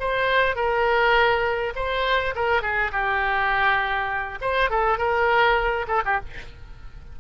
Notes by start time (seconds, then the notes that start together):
0.00 C5
0.56 A#4
1.76 C5
2.35 A#4
2.62 G#4
2.92 G4
4.41 C5
4.70 A4
4.98 A#4
5.88 A4
6.05 G4